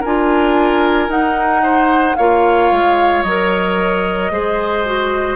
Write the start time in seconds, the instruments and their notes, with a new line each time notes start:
0.00 bassoon D4, clarinet F4, oboe A#4, flute G#5
1.08 bassoon D#4, clarinet D#4, flute F#5
1.63 oboe C5
2.16 bassoon A#3, clarinet F4, oboe C#5, flute F5
2.72 bassoon G#3
3.23 bassoon F#3, clarinet A#4, flute D#5
4.31 bassoon G#3, clarinet G#4, oboe C5
4.85 clarinet F#4